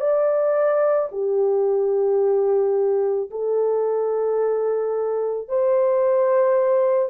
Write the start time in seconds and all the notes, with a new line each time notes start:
0.00 D5
1.12 G4
3.30 A4
5.48 C5